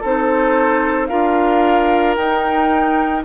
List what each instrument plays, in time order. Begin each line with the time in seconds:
0.00 bassoon C4, clarinet D#4, oboe A4, flute C5
1.07 bassoon D4, clarinet F4, oboe A#4, flute F5
2.16 bassoon D#4, clarinet D#4, flute G5